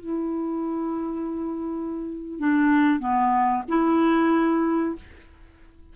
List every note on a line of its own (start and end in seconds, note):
0.00 2.39 E4
2.39 2.99 D4
2.99 3.63 B3
3.68 4.95 E4